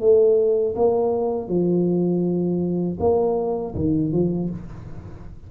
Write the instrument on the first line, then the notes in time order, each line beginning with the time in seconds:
tuba
0.00 A3
0.75 A#3
1.48 F3
3.00 A#3
3.75 D#3
4.12 F3